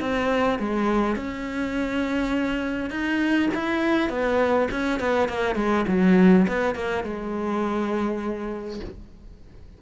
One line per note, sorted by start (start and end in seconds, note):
0.00 0.59 C4
0.59 1.16 G#3
1.16 2.90 C#4
2.90 3.49 D#4
3.54 4.09 E4
4.09 4.68 B3
4.71 4.99 C#4
4.99 5.28 B3
5.28 5.55 A#3
5.55 5.85 G#3
5.87 6.46 F#3
6.48 6.75 B3
6.75 7.03 A#3
7.03 8.80 G#3